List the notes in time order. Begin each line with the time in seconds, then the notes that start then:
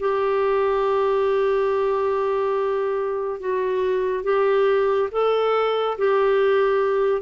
0.00 G4
3.41 F#4
4.24 G4
5.12 A4
5.98 G4